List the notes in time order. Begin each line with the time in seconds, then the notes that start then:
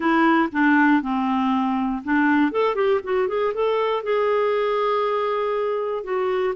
0.00 E4
0.52 D4
1.02 C4
2.04 D4
2.51 A4
2.75 G4
3.03 F#4
3.28 G#4
3.54 A4
4.03 G#4
6.03 F#4